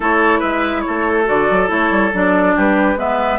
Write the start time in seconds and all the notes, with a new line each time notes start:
0.00 A3 E4 A4 C#5
0.39 G#3 B4 E5
0.80 C#5
0.87 A3 A4
1.25 D3 F#4 D5
1.50 F#3
1.67 A3 E4 C#5
1.90 G3
2.13 F#3 D4 D5
2.56 G3 G4 B4
2.96 G#3 B3 B4 E5